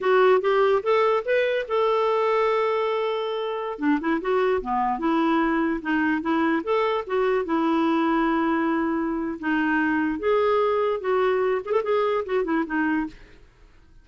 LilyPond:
\new Staff \with { instrumentName = "clarinet" } { \time 4/4 \tempo 4 = 147 fis'4 g'4 a'4 b'4 | a'1~ | a'4~ a'16 d'8 e'8 fis'4 b8.~ | b16 e'2 dis'4 e'8.~ |
e'16 a'4 fis'4 e'4.~ e'16~ | e'2. dis'4~ | dis'4 gis'2 fis'4~ | fis'8 gis'16 a'16 gis'4 fis'8 e'8 dis'4 | }